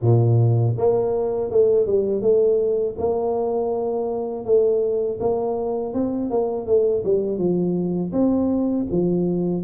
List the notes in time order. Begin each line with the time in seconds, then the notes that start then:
0.01 A#2
0.77 A#3
1.50 A3
1.86 G3
2.21 A3
2.98 A#3
4.44 A3
5.20 A#3
5.93 C4
6.30 A#3
6.66 A3
7.04 G3
7.38 F3
8.12 C4
8.91 F3